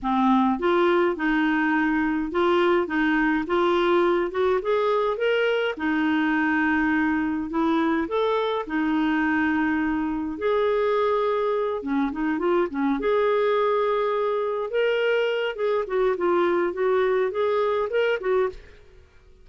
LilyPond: \new Staff \with { instrumentName = "clarinet" } { \time 4/4 \tempo 4 = 104 c'4 f'4 dis'2 | f'4 dis'4 f'4. fis'8 | gis'4 ais'4 dis'2~ | dis'4 e'4 a'4 dis'4~ |
dis'2 gis'2~ | gis'8 cis'8 dis'8 f'8 cis'8 gis'4.~ | gis'4. ais'4. gis'8 fis'8 | f'4 fis'4 gis'4 ais'8 fis'8 | }